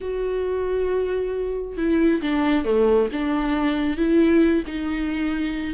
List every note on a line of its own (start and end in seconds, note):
0.00 1.77 F#4
1.77 2.21 E4
2.21 2.64 D4
2.64 3.08 A3
3.12 3.97 D4
3.97 4.63 E4
4.66 5.74 D#4